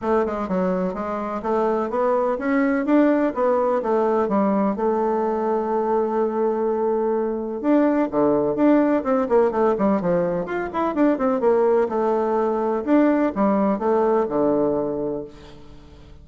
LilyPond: \new Staff \with { instrumentName = "bassoon" } { \time 4/4 \tempo 4 = 126 a8 gis8 fis4 gis4 a4 | b4 cis'4 d'4 b4 | a4 g4 a2~ | a1 |
d'4 d4 d'4 c'8 ais8 | a8 g8 f4 f'8 e'8 d'8 c'8 | ais4 a2 d'4 | g4 a4 d2 | }